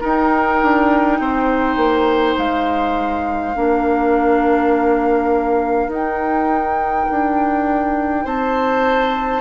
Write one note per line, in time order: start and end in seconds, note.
0.00 3.53 D#4
0.00 0.62 D#4
0.00 1.18 A#4
0.00 2.38 G5
0.62 1.19 D4
1.19 1.76 C4
1.19 3.56 C5
1.76 2.35 A#3
2.37 3.55 G#3
2.37 5.91 F5
3.55 5.88 A#3
3.55 5.89 D4
3.55 8.24 A#4
5.88 7.05 D#4
5.88 9.41 D#4
5.88 8.27 G5
7.10 8.25 D4
8.24 9.41 C4
8.24 9.41 C5
8.24 9.41 A5